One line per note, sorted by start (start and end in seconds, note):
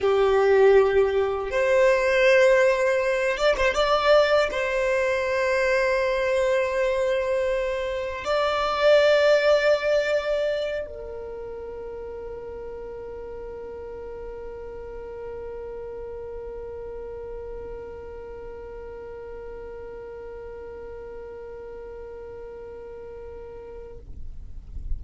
0.00 1.50 G4
1.50 3.37 C5
3.37 3.56 D5
3.56 3.74 C5
3.74 4.49 D5
4.51 8.24 C5
8.24 10.86 D5
10.86 23.99 A#4